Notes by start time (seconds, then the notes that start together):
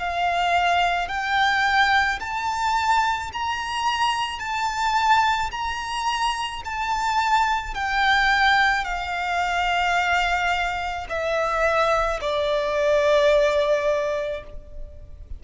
0.00 F5
1.09 G5
2.20 A5
3.33 A#5
4.39 A5
5.52 A#5
6.65 A5
7.75 G5
8.85 F5
11.10 E5
12.21 D5